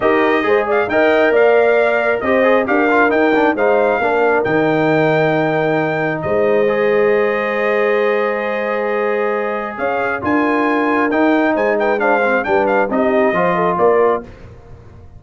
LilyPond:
<<
  \new Staff \with { instrumentName = "trumpet" } { \time 4/4 \tempo 4 = 135 dis''4. f''8 g''4 f''4~ | f''4 dis''4 f''4 g''4 | f''2 g''2~ | g''2 dis''2~ |
dis''1~ | dis''2 f''4 gis''4~ | gis''4 g''4 gis''8 g''8 f''4 | g''8 f''8 dis''2 d''4 | }
  \new Staff \with { instrumentName = "horn" } { \time 4/4 ais'4 c''8 d''8 dis''4 d''4~ | d''4 c''4 ais'2 | c''4 ais'2.~ | ais'2 c''2~ |
c''1~ | c''2 cis''4 ais'4~ | ais'2 c''8 b'8 c''4 | b'4 g'4 c''8 a'8 ais'4 | }
  \new Staff \with { instrumentName = "trombone" } { \time 4/4 g'4 gis'4 ais'2~ | ais'4 g'8 gis'8 g'8 f'8 dis'8 d'8 | dis'4 d'4 dis'2~ | dis'2. gis'4~ |
gis'1~ | gis'2. f'4~ | f'4 dis'2 d'8 c'8 | d'4 dis'4 f'2 | }
  \new Staff \with { instrumentName = "tuba" } { \time 4/4 dis'4 gis4 dis'4 ais4~ | ais4 c'4 d'4 dis'4 | gis4 ais4 dis2~ | dis2 gis2~ |
gis1~ | gis2 cis'4 d'4~ | d'4 dis'4 gis2 | g4 c'4 f4 ais4 | }
>>